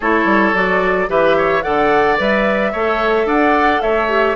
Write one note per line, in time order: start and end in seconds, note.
0.00 0.24 A3
0.00 0.53 E4
0.00 1.09 A4
0.00 0.55 C#5
0.24 0.52 G3
0.53 1.08 F#3
0.53 1.07 F#4
0.53 1.09 D5
1.07 1.63 E3
1.07 1.62 G4
1.07 1.36 B4
1.07 1.62 E5
1.36 1.63 C#5
1.62 2.19 D3
1.62 2.17 A4
1.62 2.72 D5
1.62 2.16 F#5
2.17 2.73 G3
2.17 2.72 B4
2.17 3.28 E5
2.72 3.25 A3
2.72 4.08 A4
2.72 3.26 C#5
3.25 3.80 D4
3.25 3.81 D5
3.25 3.81 F#5
3.81 4.35 A3
3.81 4.35 C#5
3.81 4.35 E5
4.08 4.35 G4